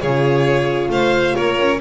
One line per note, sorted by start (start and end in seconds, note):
0.00 0.89 C#3
0.00 1.80 F4
0.00 0.90 G#4
0.00 0.89 C#5
0.89 1.33 A3
0.89 1.35 C5
0.89 1.35 F5
1.35 1.58 A#3
1.35 1.79 A#4
1.35 1.80 C#5
1.58 1.80 C#4